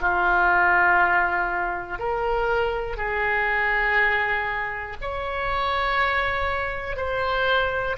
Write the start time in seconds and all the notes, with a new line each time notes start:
0.00 F4
1.99 A#4
2.96 G#4
5.01 C#5
6.96 C5